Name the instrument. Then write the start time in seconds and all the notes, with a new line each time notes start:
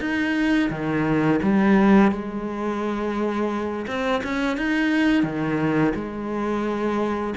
cello
0.00 D#4
0.70 D#3
1.42 G3
2.12 G#3
3.87 C4
4.23 C#4
4.57 D#4
5.23 D#3
5.95 G#3